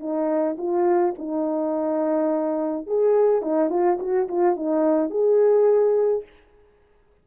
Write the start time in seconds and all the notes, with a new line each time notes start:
0.00 D#4
0.58 F4
1.19 D#4
2.87 G#4
3.42 D#4
3.70 F4
4.00 F#4
4.29 F4
4.57 D#4
5.11 G#4